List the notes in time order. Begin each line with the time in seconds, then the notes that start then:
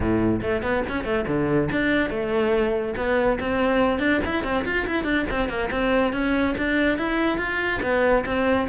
0.00 A2
0.42 A3
0.62 B3
0.88 C#4
1.04 A3
1.27 D3
1.71 D4
2.10 A3
2.96 B3
3.39 C4
3.99 D4
4.25 E4
4.43 C4
4.65 F4
4.86 E4
5.04 D4
5.30 C4
5.48 A#3
5.70 C4
6.12 C#4
6.57 D4
6.98 E4
7.38 F4
7.82 B3
8.25 C4